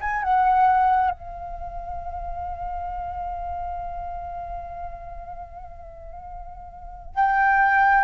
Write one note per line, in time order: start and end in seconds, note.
0.00 0.22 G#5
0.22 1.10 F#5
1.10 7.14 F5
7.14 8.04 G5